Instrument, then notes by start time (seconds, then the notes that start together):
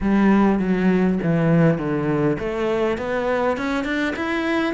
cello
0.01 G3
0.59 F#3
1.22 E3
1.78 D3
2.39 A3
2.97 B3
3.57 C#4
3.84 D4
4.16 E4